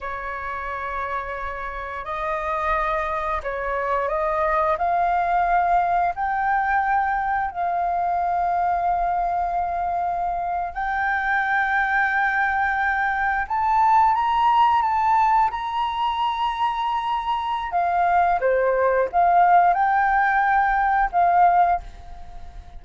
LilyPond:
\new Staff \with { instrumentName = "flute" } { \time 4/4 \tempo 4 = 88 cis''2. dis''4~ | dis''4 cis''4 dis''4 f''4~ | f''4 g''2 f''4~ | f''2.~ f''8. g''16~ |
g''2.~ g''8. a''16~ | a''8. ais''4 a''4 ais''4~ ais''16~ | ais''2 f''4 c''4 | f''4 g''2 f''4 | }